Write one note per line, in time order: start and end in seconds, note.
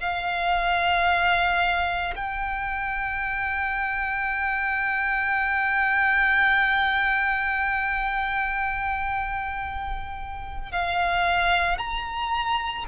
0.00 2.14 F5
2.16 10.72 G5
10.72 11.79 F5
11.79 12.86 A#5